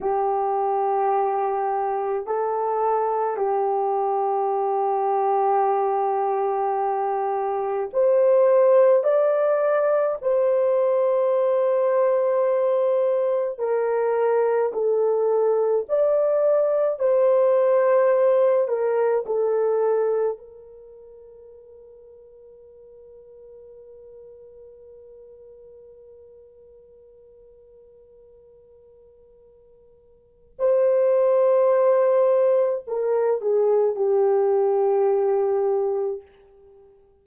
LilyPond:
\new Staff \with { instrumentName = "horn" } { \time 4/4 \tempo 4 = 53 g'2 a'4 g'4~ | g'2. c''4 | d''4 c''2. | ais'4 a'4 d''4 c''4~ |
c''8 ais'8 a'4 ais'2~ | ais'1~ | ais'2. c''4~ | c''4 ais'8 gis'8 g'2 | }